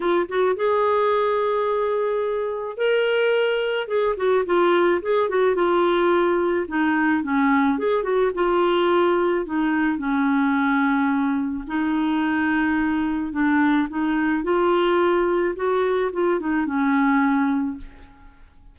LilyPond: \new Staff \with { instrumentName = "clarinet" } { \time 4/4 \tempo 4 = 108 f'8 fis'8 gis'2.~ | gis'4 ais'2 gis'8 fis'8 | f'4 gis'8 fis'8 f'2 | dis'4 cis'4 gis'8 fis'8 f'4~ |
f'4 dis'4 cis'2~ | cis'4 dis'2. | d'4 dis'4 f'2 | fis'4 f'8 dis'8 cis'2 | }